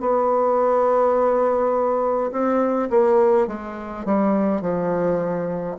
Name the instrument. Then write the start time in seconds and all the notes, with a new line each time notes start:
bassoon
0.00 B3
2.31 C4
2.90 A#3
3.47 G#3
4.05 G3
4.61 F3